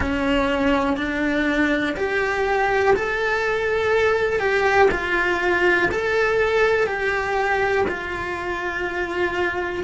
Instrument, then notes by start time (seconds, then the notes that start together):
cello
0.00 C#4
0.97 D4
1.96 G4
2.95 A4
4.39 G4
4.91 F4
5.91 A4
6.86 G4
7.88 F4